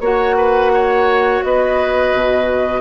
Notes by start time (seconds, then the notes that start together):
0.00 A#3 F#4 C#5 F#5
0.36 B4
0.73 C#5
1.43 B3 B4 D#5
2.13 B2